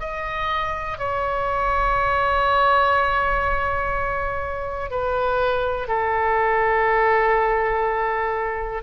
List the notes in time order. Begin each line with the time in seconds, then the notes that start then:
0.00 D#5
0.99 C#5
4.91 B4
5.88 A4